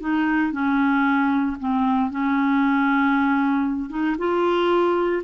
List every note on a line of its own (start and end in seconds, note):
0.00 0.52 D#4
0.52 1.57 C#4
1.60 2.11 C4
2.11 3.90 C#4
3.90 4.16 D#4
4.18 5.23 F4